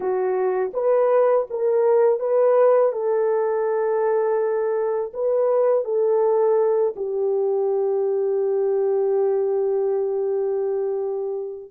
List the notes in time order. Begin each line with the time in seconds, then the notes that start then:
0.00 F#4
0.73 B4
1.50 A#4
2.19 B4
2.92 A4
5.13 B4
5.84 A4
6.96 G4